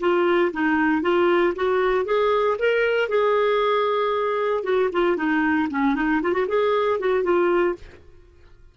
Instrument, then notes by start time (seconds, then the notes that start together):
clarinet
0.00 F4
0.53 D#4
1.02 F4
1.56 F#4
2.05 G#4
2.59 A#4
3.09 G#4
4.64 F#4
4.92 F4
5.17 D#4
5.70 C#4
5.95 D#4
6.22 F4
6.33 F#4
6.48 G#4
7.00 F#4
7.24 F4